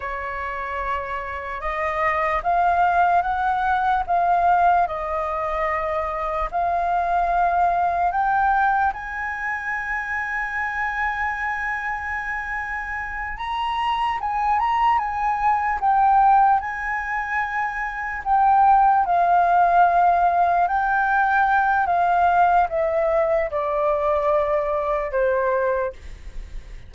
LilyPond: \new Staff \with { instrumentName = "flute" } { \time 4/4 \tempo 4 = 74 cis''2 dis''4 f''4 | fis''4 f''4 dis''2 | f''2 g''4 gis''4~ | gis''1~ |
gis''8 ais''4 gis''8 ais''8 gis''4 g''8~ | g''8 gis''2 g''4 f''8~ | f''4. g''4. f''4 | e''4 d''2 c''4 | }